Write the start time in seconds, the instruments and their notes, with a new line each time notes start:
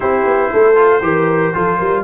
0.00 tuba C4, trombone E4, horn G4, trumpet C5
0.25 tuba B3
0.51 tuba A3, horn A4
0.75 trombone F4
1.01 tuba E3, trombone G4, horn A#4
1.53 tuba F3, trombone F4, horn A4
1.77 tuba G3, horn A#4